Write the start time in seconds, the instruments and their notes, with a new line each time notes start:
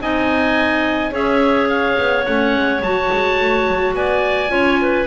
0.00 double bass C4, clarinet D#4 D#5, oboe G#5
1.11 double bass C#4, clarinet G#4 C#5, oboe E5
1.69 oboe F5
1.98 double bass B3
2.25 double bass A3, clarinet C#4, oboe F#5
2.56 double bass G#3
2.82 double bass F#3, clarinet F#4, oboe A5
3.13 double bass G#3
3.40 double bass A3
3.68 double bass F#3
3.94 double bass B3, clarinet D5, oboe G#5
4.49 double bass C#4, clarinet F4 C#5
4.81 clarinet B4